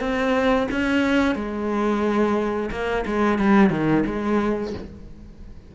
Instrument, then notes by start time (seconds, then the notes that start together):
cello
0.00 C4
0.71 C#4
1.35 G#3
2.71 A#3
3.06 G#3
3.38 G3
3.70 D#3
4.06 G#3